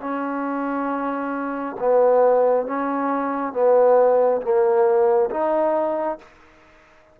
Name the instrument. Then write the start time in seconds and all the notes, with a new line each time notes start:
trombone
0.00 C#4
1.79 B3
2.66 C#4
3.53 B3
4.41 A#3
5.30 D#4